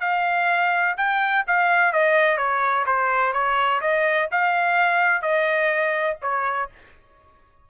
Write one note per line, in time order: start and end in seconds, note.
0.00 0.95 F5
0.97 1.44 G5
1.47 1.92 F5
1.92 2.37 D#5
2.37 2.85 C#5
2.86 3.32 C5
3.32 3.80 C#5
3.81 4.28 D#5
4.31 5.22 F5
5.22 6.17 D#5
6.22 6.69 C#5